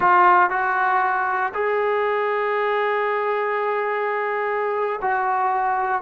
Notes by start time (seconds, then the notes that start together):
0.00 F4
0.50 F#4
1.53 G#4
5.01 F#4